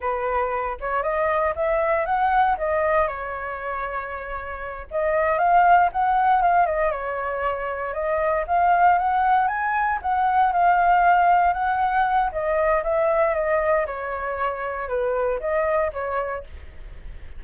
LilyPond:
\new Staff \with { instrumentName = "flute" } { \time 4/4 \tempo 4 = 117 b'4. cis''8 dis''4 e''4 | fis''4 dis''4 cis''2~ | cis''4. dis''4 f''4 fis''8~ | fis''8 f''8 dis''8 cis''2 dis''8~ |
dis''8 f''4 fis''4 gis''4 fis''8~ | fis''8 f''2 fis''4. | dis''4 e''4 dis''4 cis''4~ | cis''4 b'4 dis''4 cis''4 | }